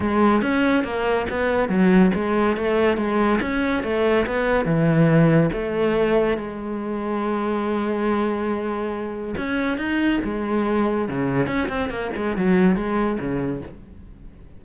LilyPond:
\new Staff \with { instrumentName = "cello" } { \time 4/4 \tempo 4 = 141 gis4 cis'4 ais4 b4 | fis4 gis4 a4 gis4 | cis'4 a4 b4 e4~ | e4 a2 gis4~ |
gis1~ | gis2 cis'4 dis'4 | gis2 cis4 cis'8 c'8 | ais8 gis8 fis4 gis4 cis4 | }